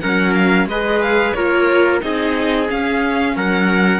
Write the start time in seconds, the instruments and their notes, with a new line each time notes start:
0.00 cello F#3, viola C#4, trumpet A#4, violin F#5
0.34 violin F5
0.66 cello G#3, viola G#4, trumpet B4, violin D#5
1.02 violin F5
1.33 cello A#3, viola F4, trumpet A#4, violin C#5
2.00 cello C4, viola D#4, trumpet G#4, violin D#5
2.68 viola C#4, cello C#4, violin F5
3.36 cello F#3, trumpet A#4, violin F#5